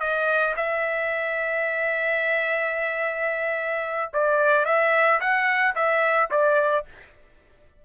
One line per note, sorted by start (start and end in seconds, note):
0.00 0.55 D#5
0.57 4.11 E5
4.13 4.65 D5
4.65 5.20 E5
5.20 5.75 F#5
5.75 6.30 E5
6.31 6.85 D5